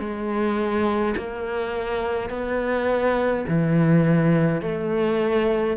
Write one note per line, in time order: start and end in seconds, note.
0.00 1.15 G#3
1.17 2.30 A#3
2.30 3.46 B3
3.49 4.62 E3
4.62 5.77 A3